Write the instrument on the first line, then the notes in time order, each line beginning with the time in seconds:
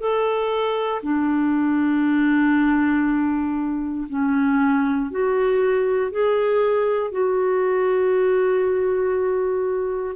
clarinet
0.00 A4
1.03 D4
4.09 C#4
5.11 F#4
6.12 G#4
7.11 F#4